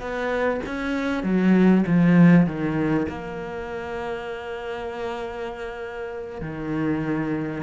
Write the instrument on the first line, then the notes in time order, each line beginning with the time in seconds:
cello
0.00 B3
0.66 C#4
1.23 F#3
1.87 F3
2.47 D#3
3.09 A#3
6.42 D#3